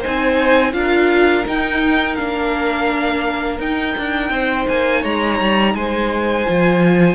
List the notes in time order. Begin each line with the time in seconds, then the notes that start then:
0.00 D#4 C5 G#5
0.07 C4
0.73 D4 F4 A#4 F5
1.45 D#4 G5
2.15 A#3 D4 F5
3.59 D#4 G5
3.98 D4
4.30 C4 C5
4.69 A#3 G#5
5.01 G#3 C#5 A#5
5.40 G3
5.74 G#3 C5 G#5
6.46 F3 F4